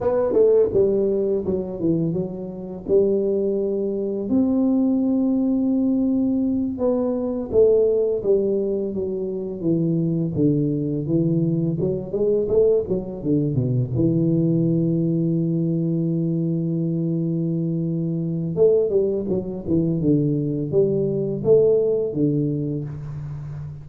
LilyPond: \new Staff \with { instrumentName = "tuba" } { \time 4/4 \tempo 4 = 84 b8 a8 g4 fis8 e8 fis4 | g2 c'2~ | c'4. b4 a4 g8~ | g8 fis4 e4 d4 e8~ |
e8 fis8 gis8 a8 fis8 d8 b,8 e8~ | e1~ | e2 a8 g8 fis8 e8 | d4 g4 a4 d4 | }